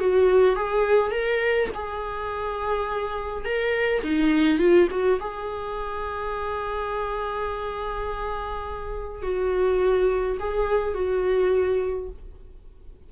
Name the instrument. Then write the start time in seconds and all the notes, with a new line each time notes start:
viola
0.00 F#4
0.55 G#4
1.11 A#4
1.74 G#4
3.45 A#4
4.03 D#4
4.59 F4
4.91 F#4
5.20 G#4
9.22 F#4
10.40 G#4
10.94 F#4